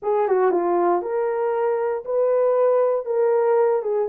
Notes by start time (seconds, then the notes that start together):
0.02 G#4
0.28 F#4
0.51 F4
1.02 A#4
2.04 B4
3.05 A#4
3.82 G#4